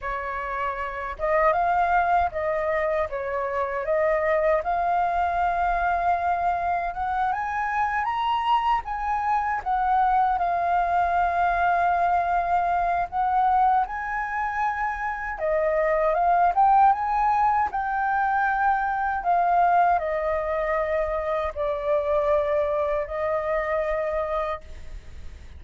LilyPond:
\new Staff \with { instrumentName = "flute" } { \time 4/4 \tempo 4 = 78 cis''4. dis''8 f''4 dis''4 | cis''4 dis''4 f''2~ | f''4 fis''8 gis''4 ais''4 gis''8~ | gis''8 fis''4 f''2~ f''8~ |
f''4 fis''4 gis''2 | dis''4 f''8 g''8 gis''4 g''4~ | g''4 f''4 dis''2 | d''2 dis''2 | }